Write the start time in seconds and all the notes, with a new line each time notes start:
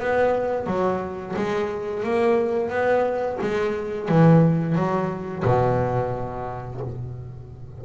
0.00 B3
0.67 F#3
1.36 G#3
2.04 A#3
2.70 B3
3.42 G#3
4.09 E3
4.75 F#3
5.45 B2